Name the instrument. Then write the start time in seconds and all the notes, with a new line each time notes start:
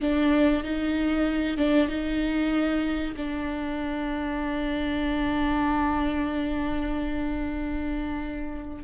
viola
0.00 D4
0.63 D#4
1.57 D4
1.88 D#4
3.16 D4